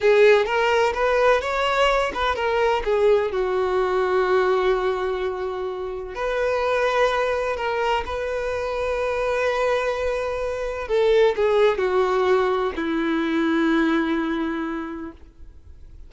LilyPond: \new Staff \with { instrumentName = "violin" } { \time 4/4 \tempo 4 = 127 gis'4 ais'4 b'4 cis''4~ | cis''8 b'8 ais'4 gis'4 fis'4~ | fis'1~ | fis'4 b'2. |
ais'4 b'2.~ | b'2. a'4 | gis'4 fis'2 e'4~ | e'1 | }